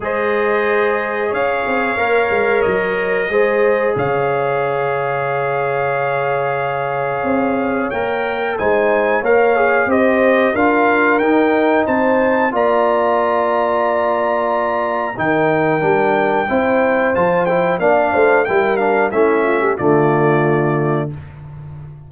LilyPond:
<<
  \new Staff \with { instrumentName = "trumpet" } { \time 4/4 \tempo 4 = 91 dis''2 f''2 | dis''2 f''2~ | f''1 | g''4 gis''4 f''4 dis''4 |
f''4 g''4 a''4 ais''4~ | ais''2. g''4~ | g''2 a''8 g''8 f''4 | g''8 f''8 e''4 d''2 | }
  \new Staff \with { instrumentName = "horn" } { \time 4/4 c''2 cis''2~ | cis''4 c''4 cis''2~ | cis''1~ | cis''4 c''4 cis''4 c''4 |
ais'2 c''4 d''4~ | d''2. ais'4~ | ais'4 c''2 d''8 c''8 | ais'4 e'8 f'16 g'16 f'2 | }
  \new Staff \with { instrumentName = "trombone" } { \time 4/4 gis'2. ais'4~ | ais'4 gis'2.~ | gis'1 | ais'4 dis'4 ais'8 gis'8 g'4 |
f'4 dis'2 f'4~ | f'2. dis'4 | d'4 e'4 f'8 e'8 d'4 | e'8 d'8 cis'4 a2 | }
  \new Staff \with { instrumentName = "tuba" } { \time 4/4 gis2 cis'8 c'8 ais8 gis8 | fis4 gis4 cis2~ | cis2. c'4 | ais4 gis4 ais4 c'4 |
d'4 dis'4 c'4 ais4~ | ais2. dis4 | g4 c'4 f4 ais8 a8 | g4 a4 d2 | }
>>